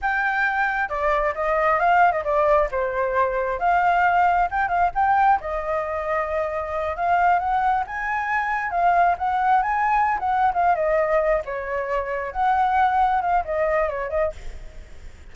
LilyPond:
\new Staff \with { instrumentName = "flute" } { \time 4/4 \tempo 4 = 134 g''2 d''4 dis''4 | f''8. dis''16 d''4 c''2 | f''2 g''8 f''8 g''4 | dis''2.~ dis''8 f''8~ |
f''8 fis''4 gis''2 f''8~ | f''8 fis''4 gis''4~ gis''16 fis''8. f''8 | dis''4. cis''2 fis''8~ | fis''4. f''8 dis''4 cis''8 dis''8 | }